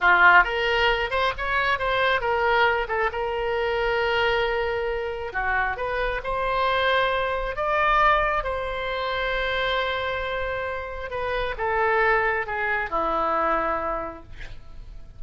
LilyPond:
\new Staff \with { instrumentName = "oboe" } { \time 4/4 \tempo 4 = 135 f'4 ais'4. c''8 cis''4 | c''4 ais'4. a'8 ais'4~ | ais'1 | fis'4 b'4 c''2~ |
c''4 d''2 c''4~ | c''1~ | c''4 b'4 a'2 | gis'4 e'2. | }